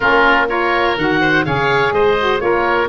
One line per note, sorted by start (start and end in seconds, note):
0.00 0.96 A#3
0.00 0.48 C#4
0.00 0.46 F4
0.00 0.47 A#4
0.48 0.96 F4
0.48 1.21 A#4
0.48 0.97 C#5
0.96 1.45 D#3
0.96 1.44 F#4
0.96 1.44 F#5
1.21 1.45 C5
1.44 1.91 C#3
1.44 2.17 G#4
1.44 1.94 C#5
1.44 1.93 F5
1.91 2.40 G#3
1.91 2.42 C5
1.91 2.39 D#5
2.19 2.38 F#4
2.38 2.89 A#3
2.38 2.86 F4
2.38 2.89 A#4
2.38 2.88 C#5